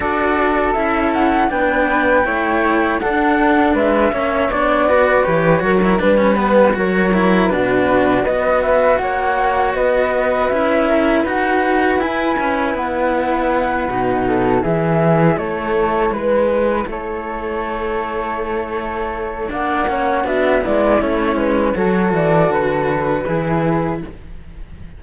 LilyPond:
<<
  \new Staff \with { instrumentName = "flute" } { \time 4/4 \tempo 4 = 80 d''4 e''8 fis''8 g''2 | fis''4 e''4 d''4 cis''4 | b'4 cis''4 b'4 dis''8 e''8 | fis''4 dis''4 e''4 fis''4 |
gis''4 fis''2~ fis''8 e''8~ | e''8 cis''4 b'4 cis''4.~ | cis''2 fis''4 e''8 d''8 | cis''8 b'8 cis''8 d''8 b'2 | }
  \new Staff \with { instrumentName = "flute" } { \time 4/4 a'2 b'4 cis''4 | a'4 b'8 cis''4 b'4 ais'8 | b'4 ais'4 fis'4 b'4 | cis''4 b'4. ais'8 b'4~ |
b'2. a'8 gis'8~ | gis'8 a'4 b'4 a'4.~ | a'2 d''8 cis''8 fis'8 e'8~ | e'4 a'2 gis'4 | }
  \new Staff \with { instrumentName = "cello" } { \time 4/4 fis'4 e'4 d'4 e'4 | d'4. cis'8 d'8 fis'8 g'8 fis'16 e'16 | d'16 cis'16 b8 fis'8 e'8 d'4 fis'4~ | fis'2 e'4 fis'4 |
e'2~ e'8 dis'4 e'8~ | e'1~ | e'2 d'8 cis'8 d'8 b8 | cis'4 fis'2 e'4 | }
  \new Staff \with { instrumentName = "cello" } { \time 4/4 d'4 cis'4 b4 a4 | d'4 gis8 ais8 b4 e8 fis8 | g4 fis4 b,4 b4 | ais4 b4 cis'4 dis'4 |
e'8 cis'8 b4. b,4 e8~ | e8 a4 gis4 a4.~ | a2 ais4 b8 gis8 | a8 gis8 fis8 e8 d4 e4 | }
>>